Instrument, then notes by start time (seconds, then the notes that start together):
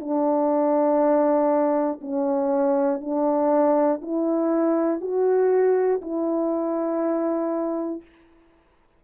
horn
0.00 D4
2.01 C#4
3.00 D4
4.02 E4
5.01 F#4
6.02 E4